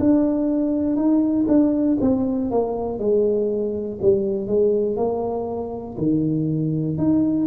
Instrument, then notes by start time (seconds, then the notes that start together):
tuba
0.00 D4
0.96 D#4
1.48 D4
2.01 C4
2.51 A#3
2.99 G#3
4.02 G3
4.48 G#3
4.96 A#3
5.98 D#3
6.98 D#4